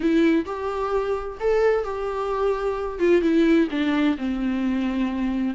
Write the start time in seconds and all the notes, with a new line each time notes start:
0.00 E4
0.45 G4
1.40 A4
1.84 G4
2.99 F4
3.21 E4
3.70 D4
4.17 C4